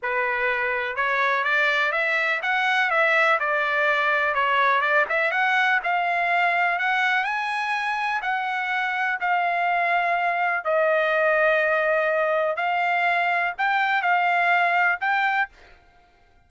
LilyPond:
\new Staff \with { instrumentName = "trumpet" } { \time 4/4 \tempo 4 = 124 b'2 cis''4 d''4 | e''4 fis''4 e''4 d''4~ | d''4 cis''4 d''8 e''8 fis''4 | f''2 fis''4 gis''4~ |
gis''4 fis''2 f''4~ | f''2 dis''2~ | dis''2 f''2 | g''4 f''2 g''4 | }